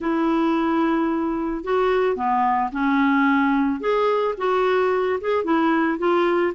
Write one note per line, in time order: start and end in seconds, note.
0.00 1.64 E4
1.64 2.15 F#4
2.15 2.70 B3
2.71 3.80 C#4
3.80 4.34 G#4
4.37 5.19 F#4
5.20 5.43 G#4
5.43 5.98 E4
5.98 6.53 F4